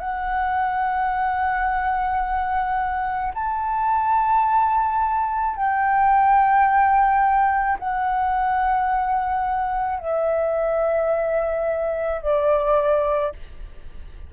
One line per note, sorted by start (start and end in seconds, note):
0.00 3.33 F#5
3.35 5.57 A5
5.57 7.79 G5
7.79 10.00 F#5
10.00 12.22 E5
12.22 13.33 D5